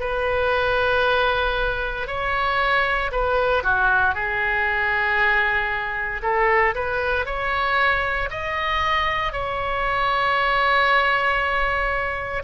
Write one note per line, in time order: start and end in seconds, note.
0.00 2.07 B4
2.07 3.11 C#5
3.12 3.63 B4
3.63 4.15 F#4
4.15 6.22 G#4
6.23 6.74 A4
6.75 7.26 B4
7.26 8.29 C#5
8.30 9.32 D#5
9.32 12.43 C#5